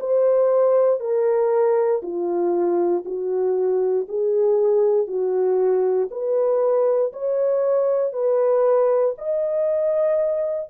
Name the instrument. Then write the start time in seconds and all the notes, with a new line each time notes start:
horn
0.00 C5
1.00 A#4
2.02 F4
3.05 F#4
4.08 G#4
5.07 F#4
6.11 B4
7.13 C#5
8.13 B4
9.18 D#5